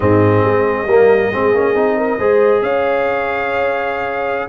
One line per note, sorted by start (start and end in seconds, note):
0.00 0.44 G#2
0.00 0.87 C4
0.00 0.86 G#4
0.00 2.62 D#5
0.44 0.85 G#3
0.85 1.29 G3
0.85 1.32 A#3
0.85 1.31 A#4
1.31 1.53 G#3
1.31 1.54 C4
1.31 1.96 G#4
1.53 1.74 A#3
1.53 1.75 C#4
1.74 2.18 C4
1.74 2.19 D#4
1.96 2.18 A#4
2.18 2.61 G#3
2.18 4.48 G#4
2.18 2.61 C5
2.61 4.47 C#4
2.61 4.48 C#5
2.61 4.48 F5